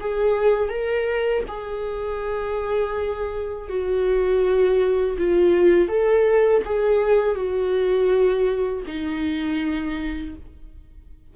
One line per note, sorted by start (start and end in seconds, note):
0.00 0.70 G#4
0.70 1.44 A#4
1.48 3.69 G#4
3.69 5.17 F#4
5.19 5.89 F4
5.89 6.63 A4
6.65 7.35 G#4
7.35 8.84 F#4
8.87 10.35 D#4